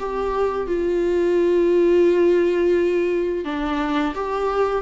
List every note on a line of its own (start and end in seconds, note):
0.00 0.68 G4
0.68 3.45 F4
3.45 4.15 D4
4.15 4.83 G4